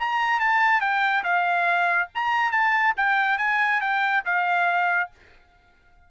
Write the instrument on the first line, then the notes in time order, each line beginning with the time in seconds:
trumpet
0.00 A#5
0.40 A5
0.81 G5
1.24 F5
2.15 A#5
2.52 A5
2.97 G5
3.38 G#5
3.81 G5
4.26 F5